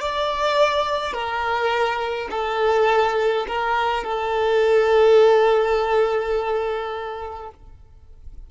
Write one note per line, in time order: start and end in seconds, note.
0.00 1.13 D5
1.13 2.28 A#4
2.30 3.46 A4
3.47 4.03 A#4
4.03 7.49 A4